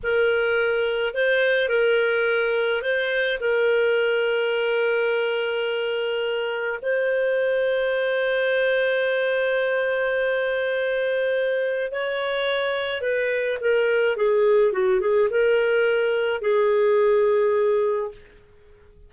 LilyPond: \new Staff \with { instrumentName = "clarinet" } { \time 4/4 \tempo 4 = 106 ais'2 c''4 ais'4~ | ais'4 c''4 ais'2~ | ais'1 | c''1~ |
c''1~ | c''4 cis''2 b'4 | ais'4 gis'4 fis'8 gis'8 ais'4~ | ais'4 gis'2. | }